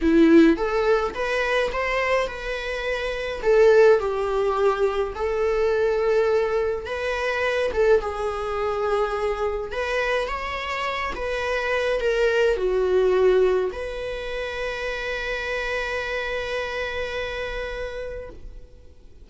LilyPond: \new Staff \with { instrumentName = "viola" } { \time 4/4 \tempo 4 = 105 e'4 a'4 b'4 c''4 | b'2 a'4 g'4~ | g'4 a'2. | b'4. a'8 gis'2~ |
gis'4 b'4 cis''4. b'8~ | b'4 ais'4 fis'2 | b'1~ | b'1 | }